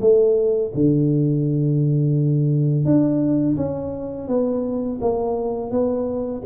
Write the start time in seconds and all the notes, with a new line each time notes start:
0.00 A3
0.74 D3
2.84 D4
3.56 C#4
4.28 B3
5.00 A#3
5.70 B3